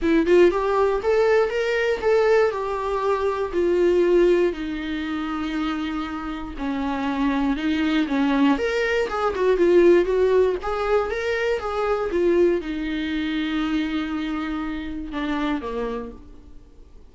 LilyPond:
\new Staff \with { instrumentName = "viola" } { \time 4/4 \tempo 4 = 119 e'8 f'8 g'4 a'4 ais'4 | a'4 g'2 f'4~ | f'4 dis'2.~ | dis'4 cis'2 dis'4 |
cis'4 ais'4 gis'8 fis'8 f'4 | fis'4 gis'4 ais'4 gis'4 | f'4 dis'2.~ | dis'2 d'4 ais4 | }